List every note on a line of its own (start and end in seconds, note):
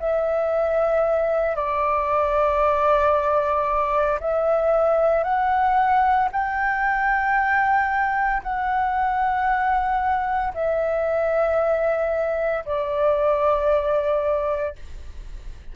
0.00 1.56 E5
1.56 4.19 D5
4.21 5.24 E5
5.24 6.29 F#5
6.33 8.43 G5
8.43 10.54 F#5
10.55 12.65 E5
12.66 14.76 D5